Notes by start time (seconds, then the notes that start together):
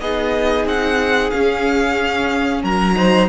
0.00 B3 D#4 G#4 D#5
0.65 C4 F#5
1.30 C#4 F5
2.62 F#3 A#4 A#5
2.95 D#4 C5